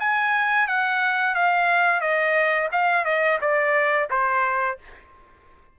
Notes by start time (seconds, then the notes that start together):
0.00 G#5
0.68 F#5
1.35 F5
2.01 D#5
2.72 F5
3.05 D#5
3.42 D5
4.10 C5